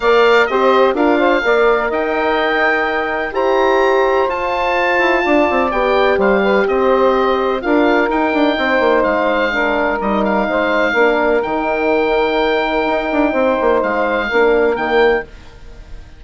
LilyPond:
<<
  \new Staff \with { instrumentName = "oboe" } { \time 4/4 \tempo 4 = 126 f''4 dis''4 f''2 | g''2. ais''4~ | ais''4 a''2. | g''4 f''4 dis''2 |
f''4 g''2 f''4~ | f''4 dis''8 f''2~ f''8 | g''1~ | g''4 f''2 g''4 | }
  \new Staff \with { instrumentName = "saxophone" } { \time 4/4 d''4 c''4 ais'8 c''8 d''4 | dis''2. c''4~ | c''2. d''4~ | d''4 c''8 b'8 c''2 |
ais'2 c''2 | ais'2 c''4 ais'4~ | ais'1 | c''2 ais'2 | }
  \new Staff \with { instrumentName = "horn" } { \time 4/4 ais'4 g'4 f'4 ais'4~ | ais'2. g'4~ | g'4 f'2. | g'1 |
f'4 dis'2. | d'4 dis'2 d'4 | dis'1~ | dis'2 d'4 ais4 | }
  \new Staff \with { instrumentName = "bassoon" } { \time 4/4 ais4 c'4 d'4 ais4 | dis'2. e'4~ | e'4 f'4. e'8 d'8 c'8 | b4 g4 c'2 |
d'4 dis'8 d'8 c'8 ais8 gis4~ | gis4 g4 gis4 ais4 | dis2. dis'8 d'8 | c'8 ais8 gis4 ais4 dis4 | }
>>